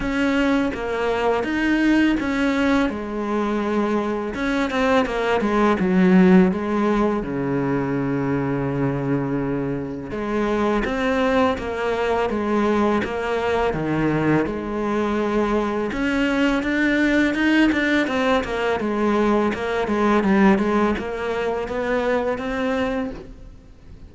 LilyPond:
\new Staff \with { instrumentName = "cello" } { \time 4/4 \tempo 4 = 83 cis'4 ais4 dis'4 cis'4 | gis2 cis'8 c'8 ais8 gis8 | fis4 gis4 cis2~ | cis2 gis4 c'4 |
ais4 gis4 ais4 dis4 | gis2 cis'4 d'4 | dis'8 d'8 c'8 ais8 gis4 ais8 gis8 | g8 gis8 ais4 b4 c'4 | }